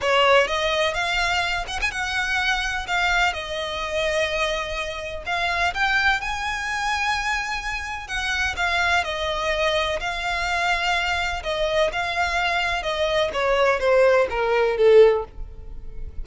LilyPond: \new Staff \with { instrumentName = "violin" } { \time 4/4 \tempo 4 = 126 cis''4 dis''4 f''4. fis''16 gis''16 | fis''2 f''4 dis''4~ | dis''2. f''4 | g''4 gis''2.~ |
gis''4 fis''4 f''4 dis''4~ | dis''4 f''2. | dis''4 f''2 dis''4 | cis''4 c''4 ais'4 a'4 | }